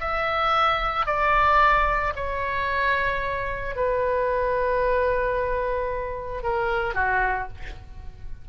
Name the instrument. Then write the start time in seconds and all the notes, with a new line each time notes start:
oboe
0.00 E5
1.06 D5
2.16 C#5
3.75 B4
6.43 A#4
6.94 F#4